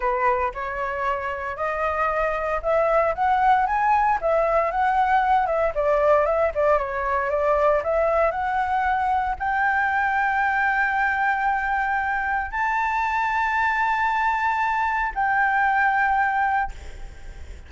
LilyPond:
\new Staff \with { instrumentName = "flute" } { \time 4/4 \tempo 4 = 115 b'4 cis''2 dis''4~ | dis''4 e''4 fis''4 gis''4 | e''4 fis''4. e''8 d''4 | e''8 d''8 cis''4 d''4 e''4 |
fis''2 g''2~ | g''1 | a''1~ | a''4 g''2. | }